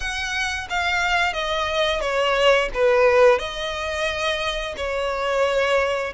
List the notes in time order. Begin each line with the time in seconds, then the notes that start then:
0.00 F#5
0.69 F5
1.33 D#5
2.01 C#5
2.74 B4
3.38 D#5
4.76 C#5